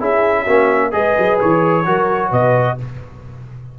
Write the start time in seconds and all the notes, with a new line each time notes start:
0.00 C#4 E4 G#4 E5
0.44 A#3 C#4 F#4
0.91 G#3 G#4 B4 D#5
1.18 F#3
1.40 E3 C#5
1.85 F#3 F#4 A#4
2.31 B2 B4 D#5